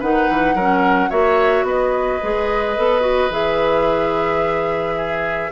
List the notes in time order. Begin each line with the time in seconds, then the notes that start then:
0.00 D#3 D#4 B4 F#5
0.29 E3
0.55 F#3 C#4 A#4
1.10 A#3 F#4 C#5 E5
1.63 B3 B4 D#5
2.23 G#3 G#4
2.77 B3 A4
3.01 F#4
3.30 E3 G#4 E5
4.96 G#4